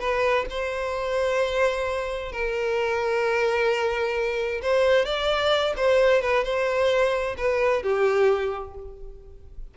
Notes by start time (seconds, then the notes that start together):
0.00 B4
0.50 C5
2.32 A#4
4.62 C5
5.05 D5
5.77 C5
6.22 B4
6.44 C5
7.38 B4
7.83 G4